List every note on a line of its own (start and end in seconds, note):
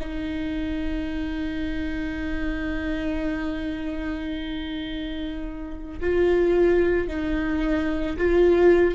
0.00 6.00 D#4
6.00 7.08 F4
7.08 8.17 D#4
8.17 8.95 F4